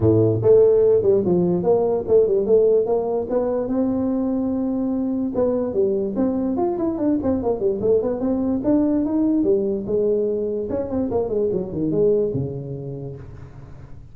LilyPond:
\new Staff \with { instrumentName = "tuba" } { \time 4/4 \tempo 4 = 146 a,4 a4. g8 f4 | ais4 a8 g8 a4 ais4 | b4 c'2.~ | c'4 b4 g4 c'4 |
f'8 e'8 d'8 c'8 ais8 g8 a8 b8 | c'4 d'4 dis'4 g4 | gis2 cis'8 c'8 ais8 gis8 | fis8 dis8 gis4 cis2 | }